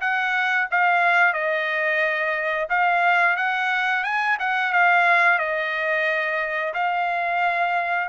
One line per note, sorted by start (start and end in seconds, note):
0.00 0.67 F#5
0.70 1.33 F5
1.33 2.68 D#5
2.69 3.36 F5
3.36 4.03 F#5
4.03 4.37 G#5
4.39 4.72 F#5
4.72 5.38 F5
5.38 6.73 D#5
6.74 8.08 F5